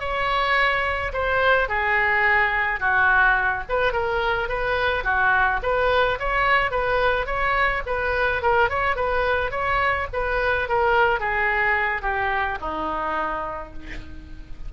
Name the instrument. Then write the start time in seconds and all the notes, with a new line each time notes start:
oboe
0.00 C#5
1.13 C5
1.68 G#4
2.80 F#4
3.69 B4
3.93 A#4
4.49 B4
5.04 F#4
5.63 B4
6.19 C#5
6.71 B4
7.26 C#5
7.86 B4
8.42 A#4
8.70 C#5
8.96 B4
9.51 C#5
10.13 B4
10.68 A#4
11.20 G#4
12.02 G4
12.61 D#4